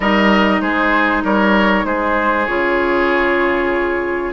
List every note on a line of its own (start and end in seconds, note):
0.00 0.61 G3
0.00 2.48 D#4
0.00 0.61 A#4
0.00 0.61 D#5
0.61 1.23 G#3
0.61 1.23 G#4
0.61 1.23 C5
1.23 1.85 G3
1.23 1.85 A#4
1.23 1.85 C#5
1.85 2.46 G#3
1.85 4.33 G#4
1.85 2.45 C5
2.45 4.33 C#3
2.45 4.33 F4
2.45 4.31 C#5